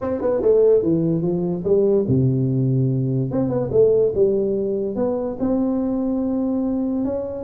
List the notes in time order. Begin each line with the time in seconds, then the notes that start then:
0.01 C4
0.21 B3
0.41 A3
0.83 E3
1.22 F3
1.64 G3
2.08 C3
3.31 C4
3.49 B3
3.71 A3
4.15 G3
4.95 B3
5.39 C4
7.05 C#4